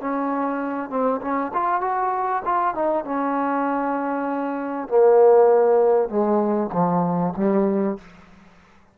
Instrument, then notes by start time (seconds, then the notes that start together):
trombone
0.00 C#4
0.90 C4
1.21 C#4
1.53 F4
1.81 F#4
2.45 F4
2.74 D#4
3.04 C#4
4.88 A#3
6.09 G#3
6.72 F3
7.36 G3